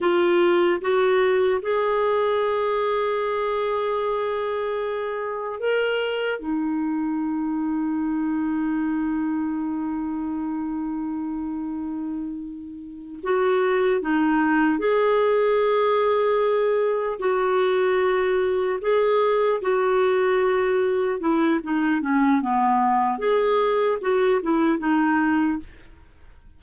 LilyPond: \new Staff \with { instrumentName = "clarinet" } { \time 4/4 \tempo 4 = 75 f'4 fis'4 gis'2~ | gis'2. ais'4 | dis'1~ | dis'1~ |
dis'8 fis'4 dis'4 gis'4.~ | gis'4. fis'2 gis'8~ | gis'8 fis'2 e'8 dis'8 cis'8 | b4 gis'4 fis'8 e'8 dis'4 | }